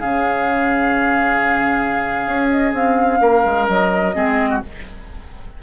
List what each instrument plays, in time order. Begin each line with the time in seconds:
0.00 bassoon C#3, clarinet C#4, oboe G#4, flute F5
2.26 bassoon C#4
2.50 flute D#5
2.73 bassoon C4, flute F5
3.20 bassoon A#3, oboe A#4
3.45 bassoon G#3
3.68 bassoon F#3, flute D#5
4.14 bassoon G#3, clarinet C4, oboe G#4
4.50 oboe F#4